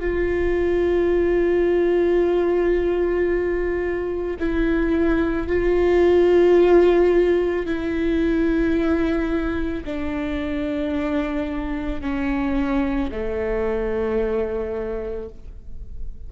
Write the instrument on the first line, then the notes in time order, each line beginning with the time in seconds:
viola
0.00 F4
4.39 E4
5.47 F4
7.66 E4
9.85 D4
12.01 C#4
13.11 A3